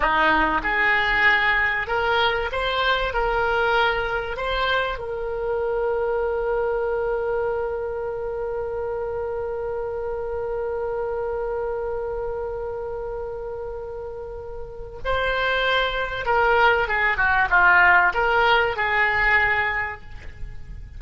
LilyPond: \new Staff \with { instrumentName = "oboe" } { \time 4/4 \tempo 4 = 96 dis'4 gis'2 ais'4 | c''4 ais'2 c''4 | ais'1~ | ais'1~ |
ais'1~ | ais'1 | c''2 ais'4 gis'8 fis'8 | f'4 ais'4 gis'2 | }